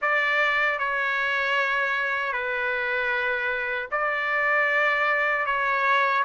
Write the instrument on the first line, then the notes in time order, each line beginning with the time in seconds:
trumpet
0.01 D5
0.78 C#5
2.32 B4
3.91 D5
5.45 C#5